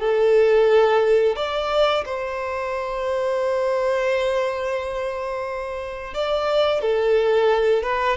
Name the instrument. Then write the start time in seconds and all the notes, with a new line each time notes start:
violin
0.00 A4
1.36 D5
2.05 C5
6.14 D5
6.82 A4
7.83 B4